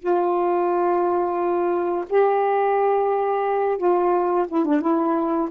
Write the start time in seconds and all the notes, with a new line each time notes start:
0.00 F4
2.09 G4
3.78 F4
4.48 E4
4.65 D4
4.81 E4